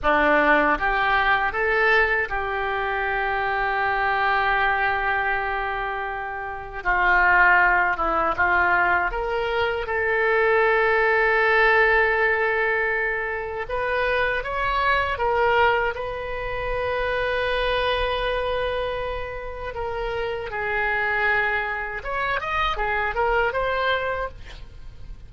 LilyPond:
\new Staff \with { instrumentName = "oboe" } { \time 4/4 \tempo 4 = 79 d'4 g'4 a'4 g'4~ | g'1~ | g'4 f'4. e'8 f'4 | ais'4 a'2.~ |
a'2 b'4 cis''4 | ais'4 b'2.~ | b'2 ais'4 gis'4~ | gis'4 cis''8 dis''8 gis'8 ais'8 c''4 | }